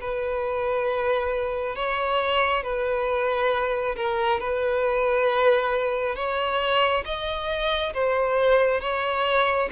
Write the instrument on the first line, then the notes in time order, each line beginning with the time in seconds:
violin
0.00 B4
1.75 C#5
2.63 B4
3.95 A#4
4.40 B4
6.15 C#5
7.05 D#5
7.93 C5
8.80 C#5